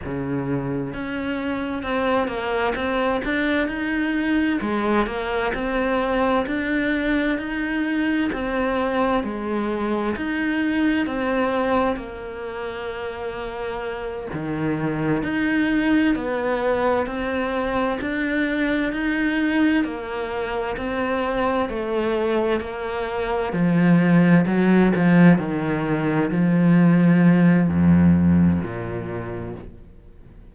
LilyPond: \new Staff \with { instrumentName = "cello" } { \time 4/4 \tempo 4 = 65 cis4 cis'4 c'8 ais8 c'8 d'8 | dis'4 gis8 ais8 c'4 d'4 | dis'4 c'4 gis4 dis'4 | c'4 ais2~ ais8 dis8~ |
dis8 dis'4 b4 c'4 d'8~ | d'8 dis'4 ais4 c'4 a8~ | a8 ais4 f4 fis8 f8 dis8~ | dis8 f4. f,4 ais,4 | }